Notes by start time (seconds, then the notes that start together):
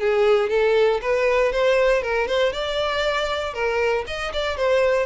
0.00 G#4
0.50 A4
1.02 B4
1.53 C5
2.03 A#4
2.28 C5
2.53 D5
3.54 A#4
4.07 D#5
4.33 D5
4.57 C5